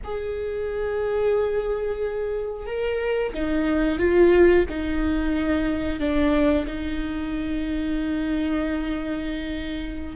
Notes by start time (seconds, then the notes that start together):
0.04 G#4
2.66 A#4
3.33 D#4
3.98 F4
4.69 D#4
5.99 D4
6.66 D#4